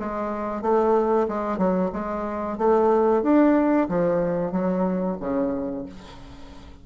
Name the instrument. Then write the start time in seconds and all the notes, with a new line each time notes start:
bassoon
0.00 G#3
0.62 A3
1.29 G#3
1.58 F#3
1.93 G#3
2.58 A3
3.23 D4
3.89 F3
4.52 F#3
5.21 C#3